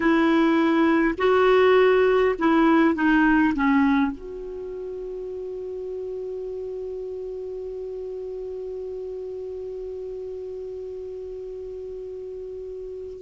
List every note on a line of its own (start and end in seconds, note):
0.00 1.14 E4
1.18 2.35 F#4
2.39 2.94 E4
2.94 3.53 D#4
3.55 4.11 C#4
4.11 13.22 F#4